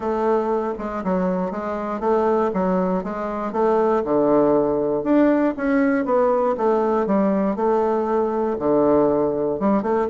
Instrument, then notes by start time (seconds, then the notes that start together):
bassoon
0.00 A3
0.78 G#3
1.04 F#3
1.51 G#3
2.00 A3
2.53 F#3
3.03 G#3
3.52 A3
4.04 D3
5.03 D4
5.56 C#4
6.05 B3
6.57 A3
7.06 G3
7.56 A3
8.59 D3
9.59 G3
9.82 A3